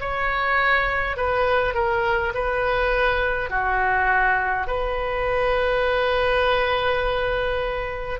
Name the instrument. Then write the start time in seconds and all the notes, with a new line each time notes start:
oboe
0.00 C#5
1.17 B4
1.74 A#4
2.34 B4
3.50 F#4
4.67 B4